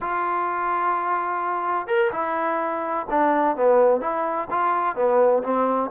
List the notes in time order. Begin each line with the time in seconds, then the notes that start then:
0.00 F4
1.87 A#4
2.12 E4
3.10 D4
3.56 B3
4.00 E4
4.50 F4
4.95 B3
5.43 C4